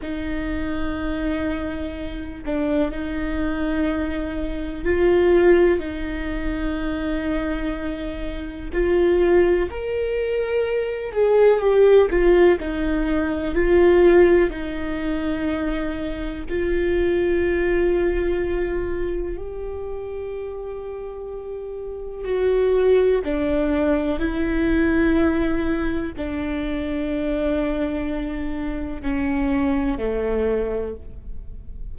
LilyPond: \new Staff \with { instrumentName = "viola" } { \time 4/4 \tempo 4 = 62 dis'2~ dis'8 d'8 dis'4~ | dis'4 f'4 dis'2~ | dis'4 f'4 ais'4. gis'8 | g'8 f'8 dis'4 f'4 dis'4~ |
dis'4 f'2. | g'2. fis'4 | d'4 e'2 d'4~ | d'2 cis'4 a4 | }